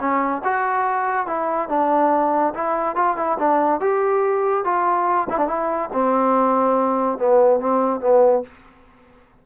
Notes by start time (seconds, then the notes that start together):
0.00 C#4
0.44 F#4
1.27 E4
1.69 D4
2.54 E4
2.96 F4
3.17 E4
3.39 D4
3.81 G4
4.65 F4
5.30 E4
5.38 D4
5.48 E4
5.93 C4
7.19 B3
7.60 C4
8.01 B3